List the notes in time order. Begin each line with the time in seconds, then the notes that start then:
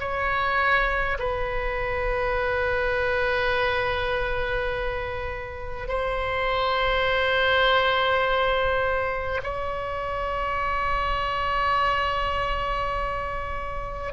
0.00 C#5
1.19 B4
5.88 C5
9.43 C#5